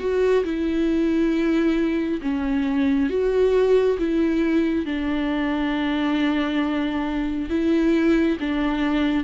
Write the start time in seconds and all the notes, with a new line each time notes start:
0.00 F#4
0.45 E4
2.22 C#4
3.10 F#4
3.99 E4
4.86 D4
7.50 E4
8.40 D4